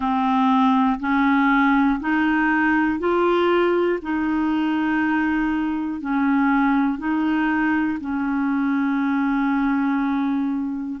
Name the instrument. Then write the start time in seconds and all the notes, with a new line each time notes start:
clarinet
0.00 C4
1.00 C#4
2.00 D#4
2.99 F4
4.02 D#4
6.00 C#4
6.98 D#4
8.00 C#4